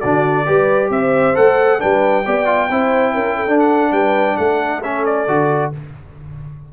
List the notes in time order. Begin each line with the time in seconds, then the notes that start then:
0.00 D3 D4 F#4 D5
0.46 G3 G4 B4
0.90 C4 C5 E5
1.35 A3 A4 F#5
1.79 G3 D4 B4 G5
2.25 B3 G4 D5
2.45 F4
2.70 C4 E4 C5
3.14 C#4 A#4
3.36 A4
3.48 D4
3.60 F#5
3.92 G3 B4 G5
4.37 A3 A4 F#5
4.83 C#4 E5
5.05 D5
5.28 D3 F#4